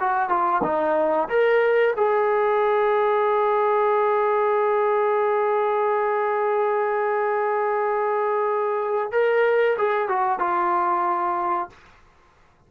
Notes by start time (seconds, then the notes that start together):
0.00 F#4
0.29 F4
0.63 D#4
1.29 A#4
1.97 G#4
9.12 A#4
9.78 G#4
10.08 F#4
10.39 F4